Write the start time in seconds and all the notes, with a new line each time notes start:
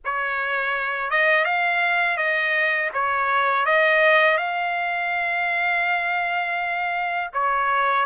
0.04 C#5
1.10 D#5
1.44 F5
2.17 D#5
2.93 C#5
3.65 D#5
4.37 F5
7.33 C#5